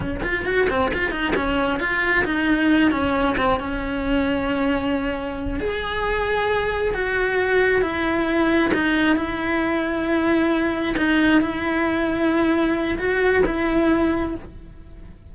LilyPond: \new Staff \with { instrumentName = "cello" } { \time 4/4 \tempo 4 = 134 cis'8 f'8 fis'8 c'8 f'8 dis'8 cis'4 | f'4 dis'4. cis'4 c'8 | cis'1~ | cis'8 gis'2. fis'8~ |
fis'4. e'2 dis'8~ | dis'8 e'2.~ e'8~ | e'8 dis'4 e'2~ e'8~ | e'4 fis'4 e'2 | }